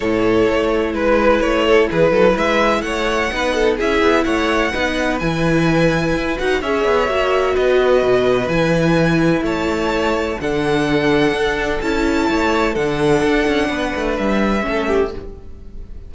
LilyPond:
<<
  \new Staff \with { instrumentName = "violin" } { \time 4/4 \tempo 4 = 127 cis''2 b'4 cis''4 | b'4 e''4 fis''2 | e''4 fis''2 gis''4~ | gis''4. fis''8 e''2 |
dis''2 gis''2 | a''2 fis''2~ | fis''4 a''2 fis''4~ | fis''2 e''2 | }
  \new Staff \with { instrumentName = "violin" } { \time 4/4 a'2 b'4. a'8 | gis'8 a'8 b'4 cis''4 b'8 a'8 | gis'4 cis''4 b'2~ | b'2 cis''2 |
b'1 | cis''2 a'2~ | a'2 cis''4 a'4~ | a'4 b'2 a'8 g'8 | }
  \new Staff \with { instrumentName = "viola" } { \time 4/4 e'1~ | e'2. dis'4 | e'2 dis'4 e'4~ | e'4. fis'8 gis'4 fis'4~ |
fis'2 e'2~ | e'2 d'2~ | d'4 e'2 d'4~ | d'2. cis'4 | }
  \new Staff \with { instrumentName = "cello" } { \time 4/4 a,4 a4 gis4 a4 | e8 fis8 gis4 a4 b4 | cis'8 b8 a4 b4 e4~ | e4 e'8 dis'8 cis'8 b8 ais4 |
b4 b,4 e2 | a2 d2 | d'4 cis'4 a4 d4 | d'8 cis'8 b8 a8 g4 a4 | }
>>